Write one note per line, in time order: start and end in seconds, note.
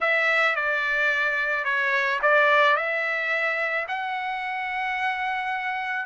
0.01 0.55 E5
0.55 1.64 D5
1.64 2.19 C#5
2.22 2.76 D5
2.76 3.86 E5
3.88 6.05 F#5